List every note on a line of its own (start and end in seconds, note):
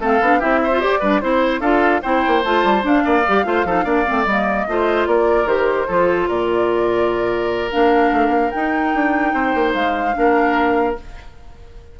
0.00 0.20 A3
0.00 0.22 C4
0.00 0.39 A4
0.00 0.41 F5
0.21 0.41 B3
0.21 0.41 D4
0.39 0.84 C4
0.39 0.71 E4
0.39 0.60 G4
0.39 0.81 E5
0.64 1.00 C5
0.71 0.80 F4
0.80 1.00 G4
0.80 1.02 G4
0.80 1.21 D5
1.00 1.22 G3
1.00 1.22 D4
1.00 1.20 B4
1.21 1.61 C4
1.21 1.62 E4
1.21 1.61 C5
1.61 2.01 D4
1.61 2.03 F4
1.61 2.01 A4
1.61 2.02 F5
2.02 2.25 C4
2.02 2.44 E4
2.02 3.04 C5
2.02 2.43 G5
2.27 2.45 A#3
2.44 2.64 A3
2.44 2.83 F4
2.44 2.85 A5
2.64 2.84 G3
2.83 3.23 D4
2.83 3.04 D4
2.83 4.25 F5
3.05 3.27 A#3
3.05 3.45 D5
3.28 3.46 G3
3.28 3.45 G4
3.45 3.65 A3
3.45 3.65 F4
3.45 3.66 C5
3.65 3.85 F3
3.65 3.84 D#4
3.65 3.85 A4
3.84 4.05 A#3
3.84 4.05 D4
3.84 4.66 D5
4.05 4.26 A3
4.05 4.26 C4
4.25 4.66 G3
4.25 4.69 A#3
4.25 5.06 D#5
4.68 5.07 A3
4.68 5.47 F4
4.68 5.08 C5
5.07 5.45 A#3
5.07 5.88 A#4
5.07 5.48 D5
5.45 5.86 D#3
5.45 5.87 G4
5.45 6.29 C5
5.88 6.29 F3
5.88 7.71 F4
5.88 6.28 A4
6.28 7.71 A#2
6.28 9.32 A#4
6.28 7.71 D5
7.71 8.12 A#3
7.71 8.52 D4
7.71 8.51 F5
8.12 8.29 A3
8.29 8.49 A#3
8.51 10.14 D#4
8.51 8.95 D#4
8.51 9.73 G5
8.95 9.34 D4
9.34 9.54 C4
9.34 10.15 C5
9.55 9.75 A#3
9.74 10.15 G#3
9.74 10.96 F5
10.14 10.98 A#3
10.14 10.95 D4
10.14 11.00 A#4